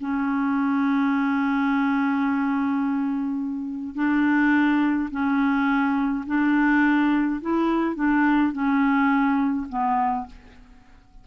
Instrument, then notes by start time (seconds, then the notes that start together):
clarinet
0.00 C#4
3.95 D4
5.11 C#4
6.27 D4
7.42 E4
7.95 D4
8.53 C#4
9.70 B3